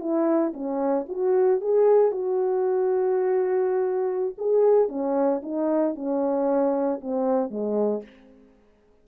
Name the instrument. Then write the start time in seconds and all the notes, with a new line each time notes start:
horn
0.00 E4
0.53 C#4
1.09 F#4
1.61 G#4
2.11 F#4
4.38 G#4
4.89 C#4
5.43 D#4
5.95 C#4
7.01 C4
7.50 G#3